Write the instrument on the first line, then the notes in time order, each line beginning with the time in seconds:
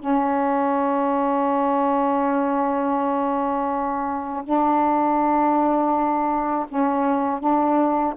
saxophone
0.00 C#4
4.45 D4
6.69 C#4
7.40 D4